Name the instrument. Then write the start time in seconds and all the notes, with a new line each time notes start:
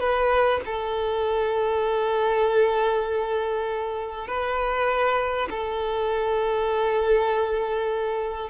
violin
0.00 B4
0.66 A4
4.28 B4
5.50 A4